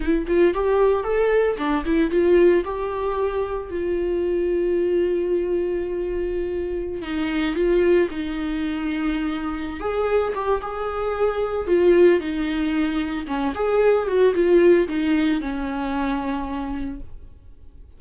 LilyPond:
\new Staff \with { instrumentName = "viola" } { \time 4/4 \tempo 4 = 113 e'8 f'8 g'4 a'4 d'8 e'8 | f'4 g'2 f'4~ | f'1~ | f'4~ f'16 dis'4 f'4 dis'8.~ |
dis'2~ dis'8 gis'4 g'8 | gis'2 f'4 dis'4~ | dis'4 cis'8 gis'4 fis'8 f'4 | dis'4 cis'2. | }